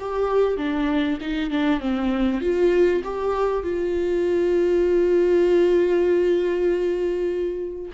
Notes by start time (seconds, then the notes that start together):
0.00 G4
0.58 D4
1.21 D#4
1.51 D4
1.80 C4
2.41 F4
3.04 G4
3.63 F4